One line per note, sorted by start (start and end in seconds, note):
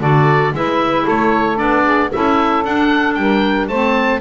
0.00 0.53 D3
0.00 0.53 F#4
0.00 0.54 A4
0.00 0.54 D5
0.53 1.05 G#3
0.53 1.56 E4
0.53 1.04 B4
0.53 1.07 E5
1.04 1.60 A3
1.04 1.82 A4
1.04 1.58 C#5
1.56 2.12 B3
1.56 2.09 D4
1.56 2.10 D5
1.84 2.10 G#4
2.12 2.64 C#4
2.12 2.65 E4
2.12 3.20 A4
2.12 2.65 E5
2.64 3.16 D4
2.64 3.71 D4
2.64 3.14 F#5
3.14 3.69 G3
3.14 3.68 A#4
3.14 3.67 G5
3.68 4.20 A3
3.68 4.20 C4
3.68 4.20 C5
3.68 4.20 A5